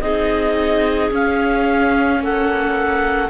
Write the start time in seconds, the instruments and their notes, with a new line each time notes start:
0.00 cello C4, viola D#4, clarinet G#4 D#5
1.11 cello C#4, viola C#4, clarinet F5
2.20 cello A#3, clarinet A4 F#5